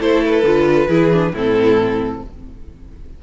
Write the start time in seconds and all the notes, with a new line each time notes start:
0.00 A3 E4 A4 C5
0.26 B4
0.43 D3 F4
0.88 E3 E4 G#4
1.12 D4
1.33 A2 C4 E4 A4